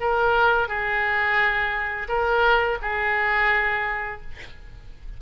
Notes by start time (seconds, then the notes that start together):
0.00 A#4
0.68 G#4
2.08 A#4
2.82 G#4